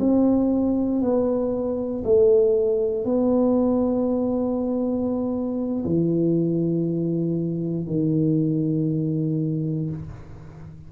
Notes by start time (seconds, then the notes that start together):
0.00 C4
1.02 B3
2.04 A3
3.05 B3
5.85 E3
7.87 D#3